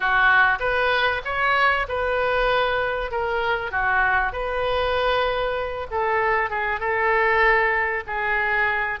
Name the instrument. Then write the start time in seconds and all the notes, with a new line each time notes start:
oboe
0.00 F#4
0.59 B4
1.25 C#5
1.88 B4
3.11 A#4
3.71 F#4
4.32 B4
5.91 A4
6.50 G#4
6.80 A4
8.07 G#4